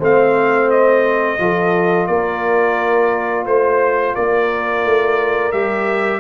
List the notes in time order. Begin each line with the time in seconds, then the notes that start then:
0.00 A3 C4 C5 F5
0.71 D#5
1.39 F3 F4 A4
2.07 A#3 A#4 D5
3.45 A3 C5
4.15 A#3 A#4 D5
4.85 A3
5.52 G3 G4 E5